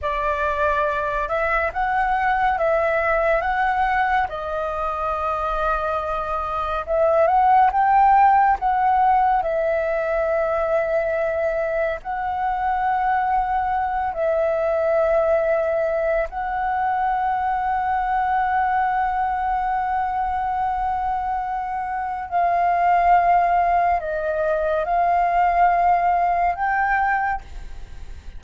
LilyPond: \new Staff \with { instrumentName = "flute" } { \time 4/4 \tempo 4 = 70 d''4. e''8 fis''4 e''4 | fis''4 dis''2. | e''8 fis''8 g''4 fis''4 e''4~ | e''2 fis''2~ |
fis''8 e''2~ e''8 fis''4~ | fis''1~ | fis''2 f''2 | dis''4 f''2 g''4 | }